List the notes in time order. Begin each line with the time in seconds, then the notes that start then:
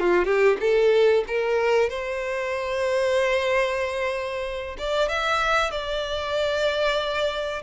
0.00 F4
0.25 G4
0.60 A4
1.27 A#4
1.89 C5
4.78 D5
5.08 E5
5.71 D5